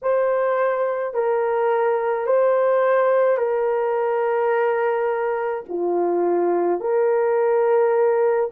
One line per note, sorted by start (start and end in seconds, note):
0.02 1.13 C5
1.13 2.26 A#4
2.26 3.37 C5
3.37 5.63 A#4
5.69 6.80 F4
6.80 8.50 A#4